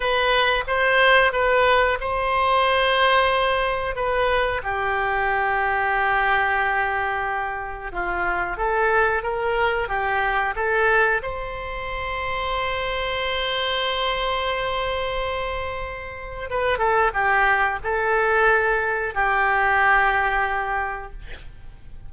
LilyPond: \new Staff \with { instrumentName = "oboe" } { \time 4/4 \tempo 4 = 91 b'4 c''4 b'4 c''4~ | c''2 b'4 g'4~ | g'1 | f'4 a'4 ais'4 g'4 |
a'4 c''2.~ | c''1~ | c''4 b'8 a'8 g'4 a'4~ | a'4 g'2. | }